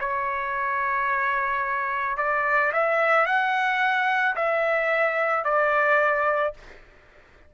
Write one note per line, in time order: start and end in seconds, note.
0.00 2.18 C#5
2.18 2.72 D5
2.73 3.26 E5
3.26 4.35 F#5
4.36 5.44 E5
5.44 6.54 D5